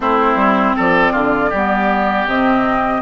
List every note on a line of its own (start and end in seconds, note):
0.00 0.35 A3
0.00 1.51 C4
0.00 0.76 E4
0.00 0.76 C5
0.35 0.73 G3
0.76 1.13 F3
0.76 1.12 A4
0.76 2.28 D5
1.12 1.51 D3
1.12 1.49 F4
1.49 2.25 G3
1.49 3.01 G4
1.55 2.28 B3
2.25 3.01 C3
2.25 3.01 C4
2.25 3.01 D#5